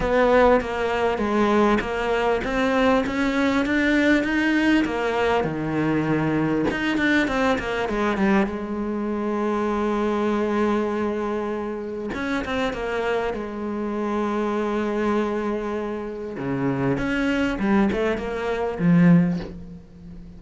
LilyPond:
\new Staff \with { instrumentName = "cello" } { \time 4/4 \tempo 4 = 99 b4 ais4 gis4 ais4 | c'4 cis'4 d'4 dis'4 | ais4 dis2 dis'8 d'8 | c'8 ais8 gis8 g8 gis2~ |
gis1 | cis'8 c'8 ais4 gis2~ | gis2. cis4 | cis'4 g8 a8 ais4 f4 | }